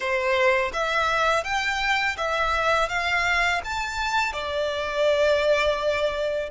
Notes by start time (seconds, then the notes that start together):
0.00 C5
0.73 E5
1.44 G5
2.17 E5
2.88 F5
3.64 A5
4.32 D5